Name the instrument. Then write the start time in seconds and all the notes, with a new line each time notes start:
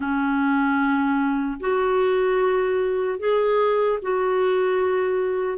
clarinet
0.00 C#4
1.60 F#4
3.19 G#4
4.01 F#4